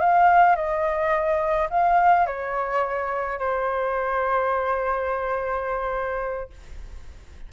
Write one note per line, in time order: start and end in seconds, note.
0.00 0.56 F5
0.56 1.69 D#5
1.70 2.27 F5
2.27 3.39 C#5
3.39 6.50 C5